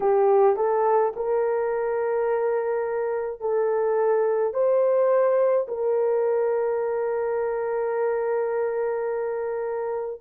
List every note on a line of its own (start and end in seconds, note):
0.00 0.56 G4
0.56 1.13 A4
1.16 3.40 A#4
3.40 4.53 A4
4.53 5.66 C5
5.68 10.20 A#4